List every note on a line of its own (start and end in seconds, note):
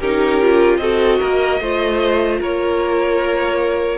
0.00 0.78 C#4
0.00 0.42 D#4
0.00 0.80 G4
0.00 0.77 A#4
0.42 0.81 F4
0.77 1.18 C4
0.77 1.61 F#4
0.77 1.20 A4
0.77 2.37 D#5
1.20 1.60 A#3
1.20 1.60 A#4
1.60 2.40 A3
1.60 3.99 F4
1.60 2.40 C5
2.40 3.99 A#3
2.40 3.99 A#4
2.40 3.99 C#5